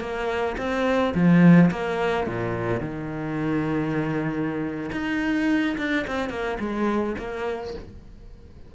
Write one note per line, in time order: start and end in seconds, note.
0.00 0.56 A#3
0.58 1.14 C4
1.14 1.71 F3
1.71 2.27 A#3
2.27 2.80 A#2
2.80 4.91 D#3
4.92 5.76 D#4
5.78 6.06 D4
6.07 6.30 C4
6.30 6.58 A#3
6.59 7.15 G#3
7.19 7.75 A#3